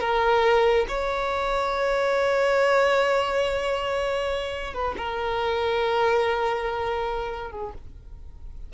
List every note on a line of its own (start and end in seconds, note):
0.00 0.86 A#4
0.88 4.74 C#5
4.74 4.95 B4
4.97 7.51 A#4
7.51 7.72 G#4